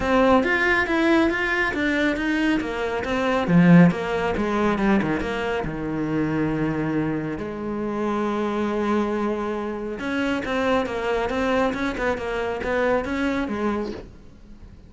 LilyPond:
\new Staff \with { instrumentName = "cello" } { \time 4/4 \tempo 4 = 138 c'4 f'4 e'4 f'4 | d'4 dis'4 ais4 c'4 | f4 ais4 gis4 g8 dis8 | ais4 dis2.~ |
dis4 gis2.~ | gis2. cis'4 | c'4 ais4 c'4 cis'8 b8 | ais4 b4 cis'4 gis4 | }